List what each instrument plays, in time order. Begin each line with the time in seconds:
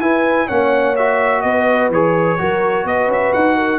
0.00 tuba E4, trombone E4, horn B4, trumpet G#5
0.47 tuba A#3, trombone C#4, horn C#5, trumpet F#5
0.96 trombone F#4, trumpet E5
1.41 tuba B3, horn B4, trumpet D#5
1.89 tuba E3, trombone G#4, trumpet C#5
2.38 tuba F#3, trombone F#4, horn A#4
2.84 tuba B3, horn B4, trumpet D#5
3.08 tuba C#4, trumpet E5
3.33 tuba D#4, trumpet F#5
3.56 horn A#4